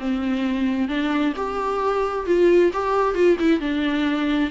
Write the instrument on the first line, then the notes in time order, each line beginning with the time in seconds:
viola
0.00 C4
0.89 D4
1.37 G4
2.27 F4
2.73 G4
3.15 F4
3.40 E4
3.61 D4